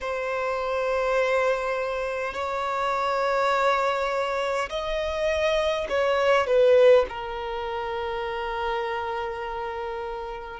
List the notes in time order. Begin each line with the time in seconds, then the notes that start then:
0.01 C5
2.34 C#5
4.69 D#5
5.89 C#5
6.47 B4
7.09 A#4